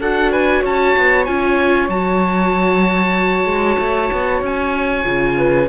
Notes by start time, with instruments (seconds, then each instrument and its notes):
0.00 cello D4, viola F#4, flute A4, oboe F#5
0.31 flute B4, oboe G#5
0.61 cello C#4, flute C#5, oboe A5
0.97 cello B3
1.25 cello C#4, viola F4, oboe G#5
1.88 cello F#3, viola F#4, oboe A5
3.45 cello G#3
3.78 cello A3
4.12 cello B3
4.42 cello C#4, oboe G#5
5.03 cello C#3, viola F4
5.37 flute B4